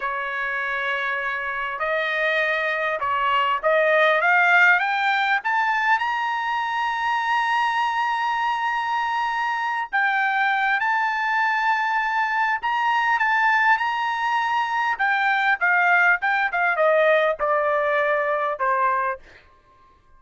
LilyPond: \new Staff \with { instrumentName = "trumpet" } { \time 4/4 \tempo 4 = 100 cis''2. dis''4~ | dis''4 cis''4 dis''4 f''4 | g''4 a''4 ais''2~ | ais''1~ |
ais''8 g''4. a''2~ | a''4 ais''4 a''4 ais''4~ | ais''4 g''4 f''4 g''8 f''8 | dis''4 d''2 c''4 | }